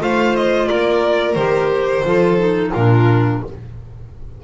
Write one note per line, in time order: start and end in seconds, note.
0.00 0.69 A3
0.00 1.36 F4
0.00 0.69 C5
0.00 0.36 F5
0.36 0.68 D#5
0.68 1.36 A#3
0.68 2.05 A#4
0.68 1.35 D5
1.35 2.04 D#3
1.35 2.05 G4
1.35 2.71 C5
2.05 2.73 F3
2.05 2.39 F4
2.05 2.72 A4
2.39 2.73 D#4
2.72 3.43 A#2
2.72 3.44 D4
2.72 3.40 F4
2.72 3.43 A#4